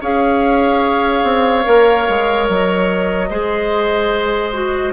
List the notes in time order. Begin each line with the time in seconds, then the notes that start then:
0.00 C#4 G#4 C#5 F5
1.23 C4
1.62 A#3 A#4
2.09 G#3
2.47 F#3 D#5
3.29 G#3 G#4 C5
4.52 F#4